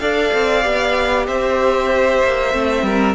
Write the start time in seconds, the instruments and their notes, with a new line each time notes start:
0.00 cello D4, viola A4, violin D5 F5
0.34 cello C4
0.62 cello B3, viola G4
1.27 cello C4, violin C5 E5
2.23 cello A#3
2.52 cello A3, viola C4
2.83 cello G3, violin A#4